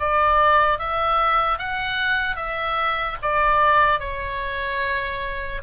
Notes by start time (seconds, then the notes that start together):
0.00 D5
0.79 E5
1.58 F#5
2.36 E5
3.22 D5
4.00 C#5